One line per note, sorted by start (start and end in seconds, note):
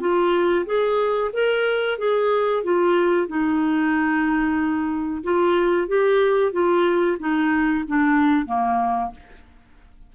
0.00 0.65 F4
0.66 1.31 G#4
1.33 1.98 A#4
1.98 2.63 G#4
2.64 3.27 F4
3.27 5.23 D#4
5.23 5.88 F4
5.88 6.52 G4
6.52 7.17 F4
7.19 7.85 D#4
7.87 8.45 D4
8.45 9.11 A#3